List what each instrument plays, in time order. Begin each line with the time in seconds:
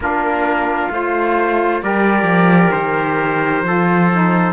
0.00 cello A#3, saxophone D4, trumpet F4 A#4
0.90 cello A3, saxophone F4, trumpet C5
1.82 cello G3, saxophone G4, trumpet A#4 D5
2.23 cello F3
2.71 cello D#3, trumpet C5
3.62 cello F3, saxophone F4, trumpet A4
4.12 saxophone D#4